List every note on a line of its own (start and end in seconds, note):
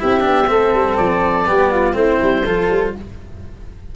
0.00 0.24 C4
0.00 0.21 E4
0.00 0.50 G4
0.00 0.97 E5
0.21 0.49 B3
0.21 0.45 D4
0.47 0.74 A3
0.47 1.45 C4
0.47 1.48 A4
0.74 0.98 G3
0.97 1.48 F3
0.97 1.95 D5
1.45 1.94 G3
1.45 1.93 B3
1.45 1.72 G4
1.72 1.96 F4
1.93 2.19 A3
1.93 2.42 C4
1.93 2.46 E4
1.93 2.94 C5
2.22 2.47 G3
2.46 2.70 F3
2.46 2.95 F4
2.46 2.95 A4
2.70 2.95 G3